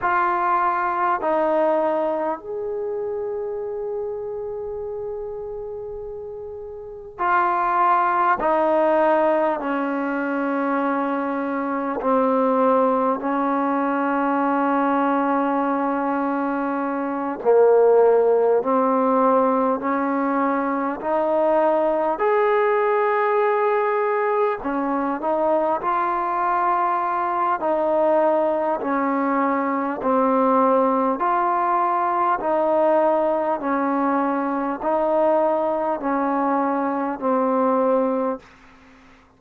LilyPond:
\new Staff \with { instrumentName = "trombone" } { \time 4/4 \tempo 4 = 50 f'4 dis'4 gis'2~ | gis'2 f'4 dis'4 | cis'2 c'4 cis'4~ | cis'2~ cis'8 ais4 c'8~ |
c'8 cis'4 dis'4 gis'4.~ | gis'8 cis'8 dis'8 f'4. dis'4 | cis'4 c'4 f'4 dis'4 | cis'4 dis'4 cis'4 c'4 | }